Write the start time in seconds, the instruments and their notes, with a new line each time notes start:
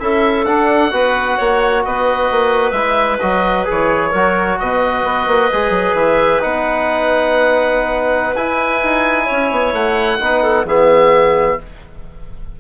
0.00 bassoon C#4, trombone E4, clarinet A4, oboe E5
0.46 bassoon D4, trombone D4, oboe F#5
0.92 bassoon B3, trombone F#4, clarinet B4
1.38 bassoon A#3, clarinet C#5
1.85 bassoon B3, clarinet B4, oboe D#5
2.31 bassoon A#3
2.71 bassoon G#3, trombone E4, oboe E5
3.20 bassoon F#3, trombone F#4, oboe D#5
3.65 bassoon E3, trombone G#4, oboe C#5
4.11 bassoon F#3, trombone F#4, clarinet A#4
4.60 bassoon B2, clarinet B4, oboe D#5
5.04 bassoon B3
5.27 bassoon A#3
5.53 bassoon G#3, trombone G#4
5.70 bassoon F#3
5.94 bassoon E3, oboe E5
6.41 bassoon B3, trombone D#4, oboe F#5
8.36 bassoon E4, trombone E4, oboe G#5
8.83 bassoon D#4
9.26 bassoon C#4, clarinet C#5
9.51 bassoon B3
9.73 bassoon A3, oboe F#5
10.20 bassoon B3, trombone D#4, clarinet B4
10.43 clarinet A4
10.65 bassoon E3, trombone B3, clarinet G#4, oboe E5